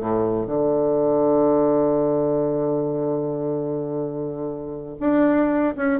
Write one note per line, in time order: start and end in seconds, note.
0.00 0.46 A2
0.46 4.96 D3
5.00 5.75 D4
5.76 5.99 C#4